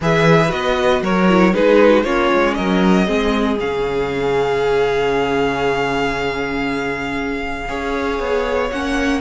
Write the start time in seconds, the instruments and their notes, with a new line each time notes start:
0.00 cello E3, viola G#4, violin B4 E5
0.48 cello B3, viola F#4, violin D#5
1.02 cello F#3, violin A#4 C#5
1.29 viola E4
1.53 cello G#3, viola D#4, violin G#4 B4
1.89 violin F#4
2.03 cello A#3, viola C#4, violin F4 C#5
2.33 cello G#3
2.54 cello F#3, violin A#4 D#5
3.05 cello G#3, viola C4, violin G#4
3.60 cello C#3, viola C#4, violin F5
7.68 cello C#4, viola G#4, violin C#5
8.19 cello B3
8.70 cello A#3, viola C#4, violin F#5